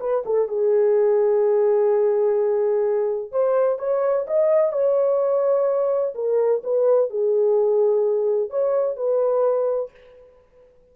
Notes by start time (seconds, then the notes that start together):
0.00 B4
0.26 A4
0.48 G#4
3.32 C5
3.79 C#5
4.27 D#5
4.73 C#5
6.15 A#4
6.64 B4
7.10 G#4
8.50 C#5
8.97 B4